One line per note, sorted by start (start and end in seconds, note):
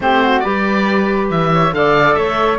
0.00 0.43 A3
0.00 0.43 C4
0.00 0.22 G4
0.00 0.39 C5
0.22 0.43 F#4
0.39 1.30 G3
0.39 1.72 G4
0.39 1.51 B4
0.39 1.26 D5
1.30 1.72 E3
1.30 1.74 E5
1.53 1.75 C#5
1.72 2.15 D3
1.72 2.58 A4
1.72 2.17 D5
1.72 2.14 F5
2.14 2.58 A3
2.14 2.58 C#5
2.14 2.57 E5